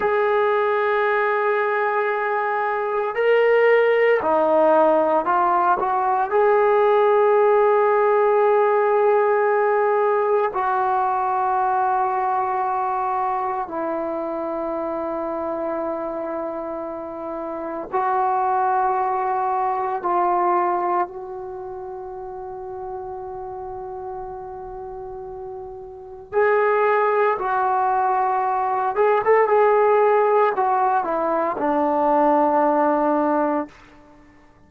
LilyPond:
\new Staff \with { instrumentName = "trombone" } { \time 4/4 \tempo 4 = 57 gis'2. ais'4 | dis'4 f'8 fis'8 gis'2~ | gis'2 fis'2~ | fis'4 e'2.~ |
e'4 fis'2 f'4 | fis'1~ | fis'4 gis'4 fis'4. gis'16 a'16 | gis'4 fis'8 e'8 d'2 | }